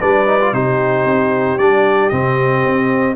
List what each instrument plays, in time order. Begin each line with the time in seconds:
0.00 tuba G3, trombone D4, horn B4, trumpet D5
0.26 trombone D#4
0.40 trombone F4
0.52 tuba C3, trombone D#4, horn G4, trumpet C5
1.05 tuba C4
1.58 tuba G3, trombone D4, trumpet D5
2.09 tuba C3, trombone C4, trumpet D#5
2.65 tuba C4